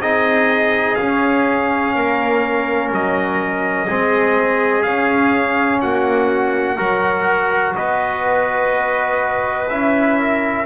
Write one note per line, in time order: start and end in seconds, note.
0.00 0.97 C4
0.00 0.98 D#4
0.00 1.97 G#4
0.00 0.95 D#5
0.95 3.89 C#4
0.95 1.96 C#4
0.95 2.89 F5
1.96 2.92 A#3
1.96 3.87 A#4
2.92 3.88 F#3
2.92 4.83 D#5
3.87 4.86 G#3
3.87 4.84 C4
3.87 5.80 G#4
4.83 6.77 C#4
4.83 5.83 C#4
4.83 5.80 F5
5.81 6.79 A#3
5.81 6.77 F#4
5.81 7.75 F#5
6.77 7.75 F#3
6.77 9.67 F#4
6.77 7.73 A#4
7.76 9.70 B3
7.76 10.20 B4
7.76 9.69 D#5
9.69 10.66 C#4
9.69 10.66 E4
9.69 10.66 E5
10.20 10.66 A#4